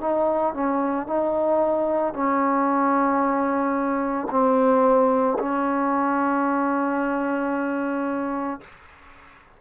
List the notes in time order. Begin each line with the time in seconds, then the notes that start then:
0.00 D#4
0.54 C#4
1.06 D#4
2.13 C#4
4.30 C4
5.39 C#4